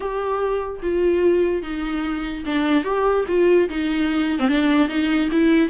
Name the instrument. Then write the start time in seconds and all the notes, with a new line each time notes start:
viola
0.00 G4
0.82 F4
1.62 D#4
2.45 D4
2.84 G4
3.27 F4
3.69 D#4
4.39 C4
4.48 D4
4.88 D#4
5.31 E4